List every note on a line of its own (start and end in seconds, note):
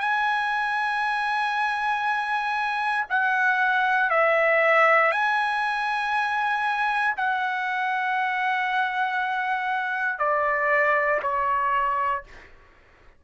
0.00 3.05 G#5
3.10 4.10 F#5
4.10 5.11 E5
5.11 7.15 G#5
7.16 10.19 F#5
10.19 11.20 D5
11.22 12.24 C#5